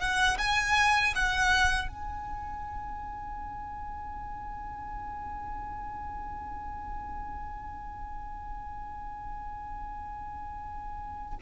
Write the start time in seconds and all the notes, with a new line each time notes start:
0.00 F#5
0.38 G#5
1.16 F#5
1.88 G#5